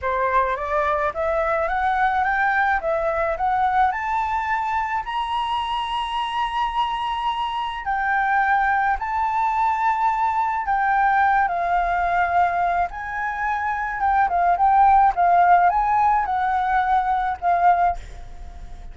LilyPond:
\new Staff \with { instrumentName = "flute" } { \time 4/4 \tempo 4 = 107 c''4 d''4 e''4 fis''4 | g''4 e''4 fis''4 a''4~ | a''4 ais''2.~ | ais''2 g''2 |
a''2. g''4~ | g''8 f''2~ f''8 gis''4~ | gis''4 g''8 f''8 g''4 f''4 | gis''4 fis''2 f''4 | }